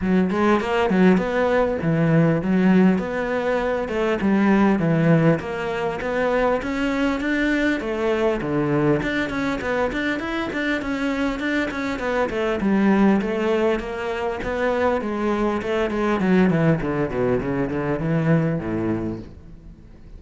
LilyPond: \new Staff \with { instrumentName = "cello" } { \time 4/4 \tempo 4 = 100 fis8 gis8 ais8 fis8 b4 e4 | fis4 b4. a8 g4 | e4 ais4 b4 cis'4 | d'4 a4 d4 d'8 cis'8 |
b8 d'8 e'8 d'8 cis'4 d'8 cis'8 | b8 a8 g4 a4 ais4 | b4 gis4 a8 gis8 fis8 e8 | d8 b,8 cis8 d8 e4 a,4 | }